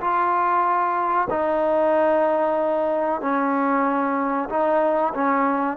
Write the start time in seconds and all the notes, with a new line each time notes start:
0.00 F4
1.29 D#4
3.21 C#4
4.49 D#4
5.14 C#4